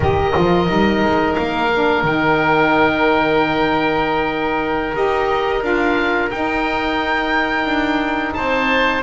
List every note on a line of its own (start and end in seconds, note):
0.00 0.33 D#3
0.00 0.32 G4
0.00 8.33 A#4
0.00 1.34 D#5
0.32 0.69 F3
0.32 0.66 F4
0.66 1.02 G3
0.66 1.69 D#4
1.02 1.36 G#3
1.34 2.03 A#3
1.34 2.02 F5
1.73 2.06 D4
2.03 4.93 D#3
2.03 4.94 D#4
2.03 4.95 G5
4.94 5.62 D#4
4.94 5.61 G4
4.94 5.63 D#5
5.61 6.30 D4
5.61 6.29 F4
5.61 6.30 F5
6.30 9.02 D#4
6.30 7.65 D#4
6.30 8.33 G5
7.65 8.33 D4
8.33 9.02 C4
8.33 9.02 C5
8.33 9.01 A5